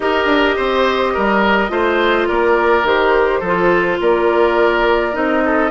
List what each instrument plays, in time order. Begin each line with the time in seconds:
0.00 bassoon D#4, clarinet G4, oboe A#4, flute D#5
0.25 bassoon D4
0.56 bassoon C4, oboe C5
1.13 bassoon G3, oboe A#4
1.68 bassoon A3, clarinet F4, oboe C5
2.28 bassoon A#3, oboe A#4, flute D5
2.83 bassoon D#3, clarinet G4, flute C5
3.40 bassoon F3, oboe A4
3.46 clarinet F4
4.01 bassoon A#3, oboe A#4, flute D5
5.12 bassoon C4, clarinet D#4, flute D#5
5.45 oboe A4